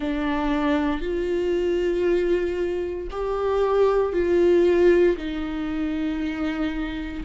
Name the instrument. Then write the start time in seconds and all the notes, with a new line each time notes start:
viola
0.00 D4
1.01 F4
3.10 G4
4.12 F4
5.16 D#4